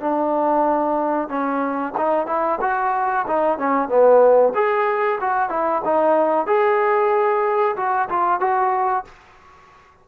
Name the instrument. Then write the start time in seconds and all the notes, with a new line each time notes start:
trombone
0.00 D4
1.28 C#4
1.97 D#4
2.27 E4
2.61 F#4
3.27 D#4
3.58 C#4
3.89 B3
4.54 G#4
5.21 F#4
5.50 E4
5.84 D#4
6.47 G#4
7.76 F#4
8.09 F4
8.40 F#4